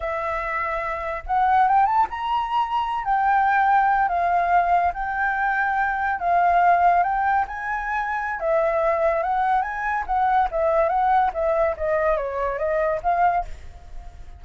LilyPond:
\new Staff \with { instrumentName = "flute" } { \time 4/4 \tempo 4 = 143 e''2. fis''4 | g''8 a''8 ais''2~ ais''16 g''8.~ | g''4.~ g''16 f''2 g''16~ | g''2~ g''8. f''4~ f''16~ |
f''8. g''4 gis''2~ gis''16 | e''2 fis''4 gis''4 | fis''4 e''4 fis''4 e''4 | dis''4 cis''4 dis''4 f''4 | }